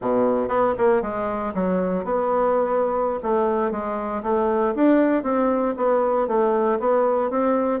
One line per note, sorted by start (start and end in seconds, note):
0.01 0.48 B2
0.48 0.74 B3
0.78 1.01 A#3
1.01 1.53 G#3
1.54 2.04 F#3
2.04 3.19 B3
3.22 3.71 A3
3.71 4.22 G#3
4.23 4.74 A3
4.75 5.23 D4
5.23 5.74 C4
5.76 6.27 B3
6.27 6.78 A3
6.79 7.30 B3
7.30 7.80 C4